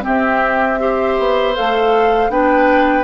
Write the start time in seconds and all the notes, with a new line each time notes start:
0.00 C4 G4 E5
0.78 G4 C5
1.18 B3
1.55 A3 A4 F5
2.29 B3 D4 B4 G5